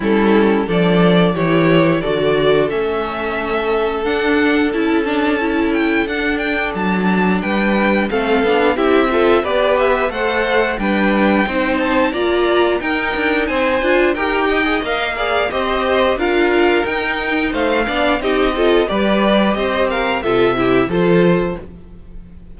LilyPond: <<
  \new Staff \with { instrumentName = "violin" } { \time 4/4 \tempo 4 = 89 a'4 d''4 cis''4 d''4 | e''2 fis''4 a''4~ | a''8 g''8 fis''8 g''8 a''4 g''4 | f''4 e''4 d''8 e''8 fis''4 |
g''4. a''8 ais''4 g''4 | gis''4 g''4 f''4 dis''4 | f''4 g''4 f''4 dis''4 | d''4 dis''8 f''8 e''4 c''4 | }
  \new Staff \with { instrumentName = "violin" } { \time 4/4 e'4 a'4 g'4 a'4~ | a'1~ | a'2. b'4 | a'4 g'8 a'8 b'4 c''4 |
b'4 c''4 d''4 ais'4 | c''4 ais'8 dis''4 d''8 c''4 | ais'2 c''8 d''8 g'8 a'8 | b'4 c''8 ais'8 a'8 g'8 a'4 | }
  \new Staff \with { instrumentName = "viola" } { \time 4/4 cis'4 d'4 e'4 fis'4 | cis'2 d'4 e'8 d'8 | e'4 d'2. | c'8 d'8 e'8 f'8 g'4 a'4 |
d'4 dis'4 f'4 dis'4~ | dis'8 f'8 g'8. gis'16 ais'8 gis'8 g'4 | f'4 dis'4. d'8 dis'8 f'8 | g'2 f'8 e'8 f'4 | }
  \new Staff \with { instrumentName = "cello" } { \time 4/4 g4 f4 e4 d4 | a2 d'4 cis'4~ | cis'4 d'4 fis4 g4 | a8 b8 c'4 b4 a4 |
g4 c'4 ais4 dis'8 d'8 | c'8 d'8 dis'4 ais4 c'4 | d'4 dis'4 a8 b8 c'4 | g4 c'4 c4 f4 | }
>>